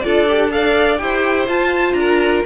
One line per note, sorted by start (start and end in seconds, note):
0.00 1.00 D4
0.00 0.27 F4
0.00 0.53 A4
0.00 0.48 D5
0.28 0.50 G4
0.50 0.98 A4
0.50 1.01 D5
0.50 0.97 F5
0.97 1.48 E4
0.97 1.47 G4
0.97 1.98 C5
0.97 1.46 G5
1.48 1.93 F4
1.48 2.45 F4
1.48 1.93 A5
1.93 2.41 D4
1.93 2.41 A#5
1.99 2.46 A#4